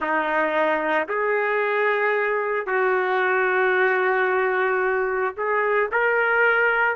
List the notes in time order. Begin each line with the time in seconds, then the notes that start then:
0.00 D#4
1.08 G#4
2.66 F#4
5.36 G#4
5.91 A#4